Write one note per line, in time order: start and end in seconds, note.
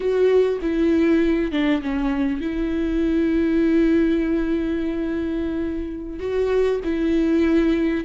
0.00 0.59 F#4
0.61 1.51 E4
1.51 1.81 D4
1.82 2.40 C#4
2.40 6.19 E4
6.19 6.80 F#4
6.83 8.04 E4